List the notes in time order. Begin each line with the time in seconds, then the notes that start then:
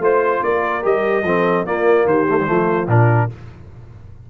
0.00 A3 F4 C5
0.44 A#3 A#4 D5
0.83 G3 G4 D#5
1.24 F3 C4 A4
1.66 A#3 F4 D5
2.06 D#3 G4 C5
2.30 A3
2.41 G3
2.47 F3 A3 F4
2.88 A#2 D4 A#4